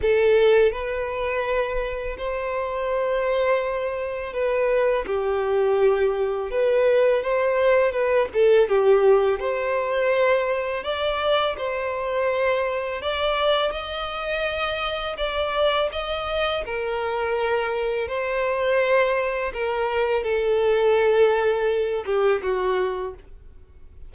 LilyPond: \new Staff \with { instrumentName = "violin" } { \time 4/4 \tempo 4 = 83 a'4 b'2 c''4~ | c''2 b'4 g'4~ | g'4 b'4 c''4 b'8 a'8 | g'4 c''2 d''4 |
c''2 d''4 dis''4~ | dis''4 d''4 dis''4 ais'4~ | ais'4 c''2 ais'4 | a'2~ a'8 g'8 fis'4 | }